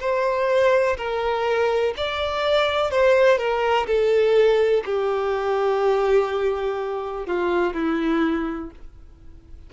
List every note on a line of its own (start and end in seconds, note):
0.00 0.97 C5
0.97 1.94 A#4
1.97 2.91 D5
2.91 3.38 C5
3.38 3.86 A#4
3.87 4.83 A4
4.85 7.26 G4
7.26 7.74 F4
7.74 8.71 E4